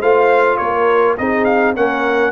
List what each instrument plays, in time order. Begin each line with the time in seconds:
0.00 tuba A3, trombone F4, horn C5, trumpet F5
0.57 tuba A#3, horn A#4, trumpet C#5
1.18 tuba C4, trombone D#4, horn G#4, trumpet D#5
1.45 trumpet F5
1.75 tuba A#3, trombone C#4, horn A#4, trumpet F#5